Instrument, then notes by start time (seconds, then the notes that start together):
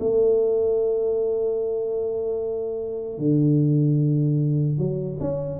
tuba
0.00 A3
3.18 D3
4.79 F#3
5.21 C#4